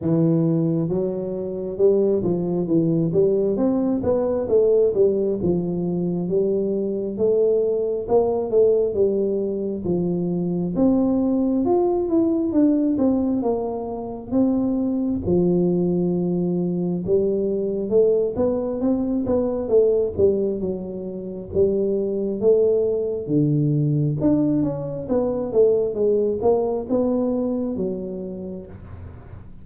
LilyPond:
\new Staff \with { instrumentName = "tuba" } { \time 4/4 \tempo 4 = 67 e4 fis4 g8 f8 e8 g8 | c'8 b8 a8 g8 f4 g4 | a4 ais8 a8 g4 f4 | c'4 f'8 e'8 d'8 c'8 ais4 |
c'4 f2 g4 | a8 b8 c'8 b8 a8 g8 fis4 | g4 a4 d4 d'8 cis'8 | b8 a8 gis8 ais8 b4 fis4 | }